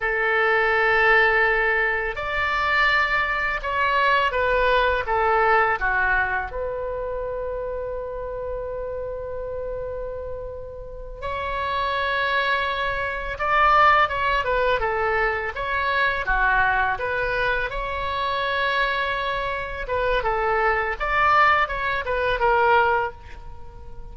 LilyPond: \new Staff \with { instrumentName = "oboe" } { \time 4/4 \tempo 4 = 83 a'2. d''4~ | d''4 cis''4 b'4 a'4 | fis'4 b'2.~ | b'2.~ b'8 cis''8~ |
cis''2~ cis''8 d''4 cis''8 | b'8 a'4 cis''4 fis'4 b'8~ | b'8 cis''2. b'8 | a'4 d''4 cis''8 b'8 ais'4 | }